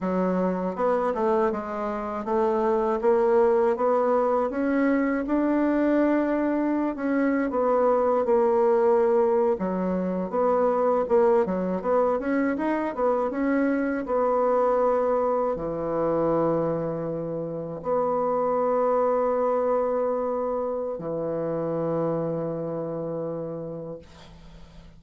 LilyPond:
\new Staff \with { instrumentName = "bassoon" } { \time 4/4 \tempo 4 = 80 fis4 b8 a8 gis4 a4 | ais4 b4 cis'4 d'4~ | d'4~ d'16 cis'8. b4 ais4~ | ais8. fis4 b4 ais8 fis8 b16~ |
b16 cis'8 dis'8 b8 cis'4 b4~ b16~ | b8. e2. b16~ | b1 | e1 | }